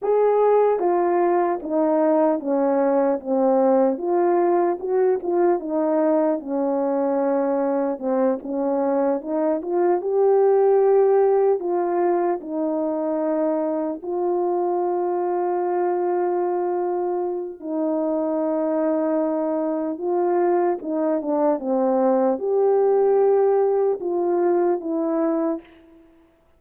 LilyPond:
\new Staff \with { instrumentName = "horn" } { \time 4/4 \tempo 4 = 75 gis'4 f'4 dis'4 cis'4 | c'4 f'4 fis'8 f'8 dis'4 | cis'2 c'8 cis'4 dis'8 | f'8 g'2 f'4 dis'8~ |
dis'4. f'2~ f'8~ | f'2 dis'2~ | dis'4 f'4 dis'8 d'8 c'4 | g'2 f'4 e'4 | }